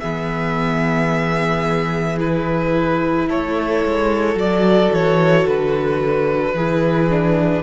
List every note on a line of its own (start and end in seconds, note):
0.00 3.30 E3
0.00 2.18 B3
0.00 3.27 G#4
0.00 2.18 E5
2.18 4.35 E4
2.18 3.29 B4
3.27 3.85 A3
3.27 6.55 A4
3.27 4.38 C#5
3.85 4.35 G#3
4.35 4.89 F#3
4.35 6.53 F#4
4.35 4.93 D5
4.92 5.46 E3
4.92 5.47 C#5
5.47 6.53 D3
5.47 7.63 B4
6.53 7.62 E3
6.53 7.10 E4
6.53 7.63 G#4
7.10 7.63 D4